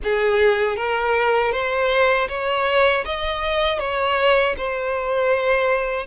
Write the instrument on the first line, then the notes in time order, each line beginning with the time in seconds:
violin
0.03 G#4
0.76 A#4
1.52 C5
2.28 C#5
3.05 D#5
3.79 C#5
4.57 C5